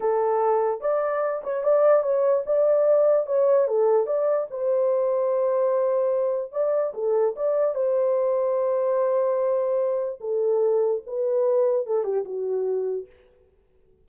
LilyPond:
\new Staff \with { instrumentName = "horn" } { \time 4/4 \tempo 4 = 147 a'2 d''4. cis''8 | d''4 cis''4 d''2 | cis''4 a'4 d''4 c''4~ | c''1 |
d''4 a'4 d''4 c''4~ | c''1~ | c''4 a'2 b'4~ | b'4 a'8 g'8 fis'2 | }